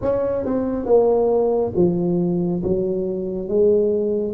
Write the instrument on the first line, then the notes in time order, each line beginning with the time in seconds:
tuba
0.01 C#4
0.45 C4
0.85 A#3
1.75 F3
2.63 F#3
3.48 G#3